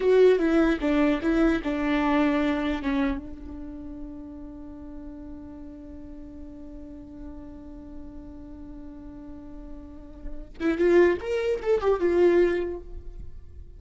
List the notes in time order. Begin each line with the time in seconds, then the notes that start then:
0.00 F#4
0.38 E4
0.81 D4
1.21 E4
1.63 D4
2.82 C#4
3.18 D4
10.60 E4
10.78 F4
11.20 A#4
11.62 A4
11.80 G4
11.99 F4